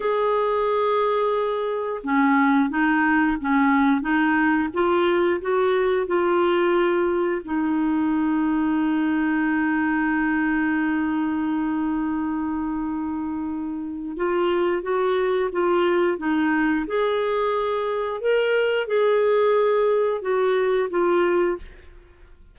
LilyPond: \new Staff \with { instrumentName = "clarinet" } { \time 4/4 \tempo 4 = 89 gis'2. cis'4 | dis'4 cis'4 dis'4 f'4 | fis'4 f'2 dis'4~ | dis'1~ |
dis'1~ | dis'4 f'4 fis'4 f'4 | dis'4 gis'2 ais'4 | gis'2 fis'4 f'4 | }